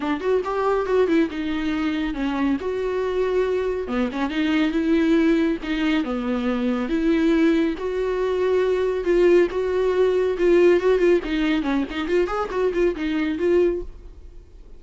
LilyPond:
\new Staff \with { instrumentName = "viola" } { \time 4/4 \tempo 4 = 139 d'8 fis'8 g'4 fis'8 e'8 dis'4~ | dis'4 cis'4 fis'2~ | fis'4 b8 cis'8 dis'4 e'4~ | e'4 dis'4 b2 |
e'2 fis'2~ | fis'4 f'4 fis'2 | f'4 fis'8 f'8 dis'4 cis'8 dis'8 | f'8 gis'8 fis'8 f'8 dis'4 f'4 | }